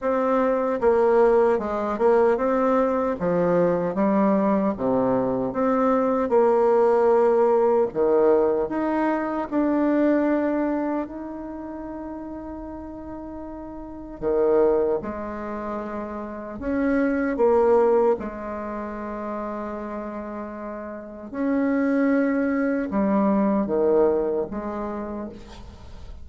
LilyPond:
\new Staff \with { instrumentName = "bassoon" } { \time 4/4 \tempo 4 = 76 c'4 ais4 gis8 ais8 c'4 | f4 g4 c4 c'4 | ais2 dis4 dis'4 | d'2 dis'2~ |
dis'2 dis4 gis4~ | gis4 cis'4 ais4 gis4~ | gis2. cis'4~ | cis'4 g4 dis4 gis4 | }